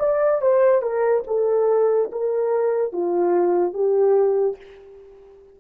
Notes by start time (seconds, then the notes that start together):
0.00 D5
0.42 C5
0.82 A#4
1.27 A4
2.12 A#4
2.93 F4
3.73 G4